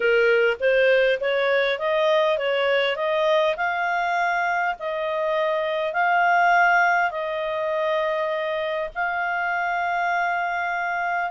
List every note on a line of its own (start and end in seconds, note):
0.00 0.57 A#4
0.59 1.19 C5
1.20 1.78 C#5
1.78 2.38 D#5
2.38 2.96 C#5
2.96 3.55 D#5
3.56 4.75 F5
4.79 5.93 D#5
5.93 7.10 F5
7.10 8.89 D#5
8.95 11.31 F5